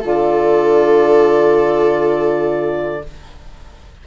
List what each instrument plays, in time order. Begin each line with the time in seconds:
0.00 bassoon D3, saxophone F4, viola A4
0.06 clarinet D5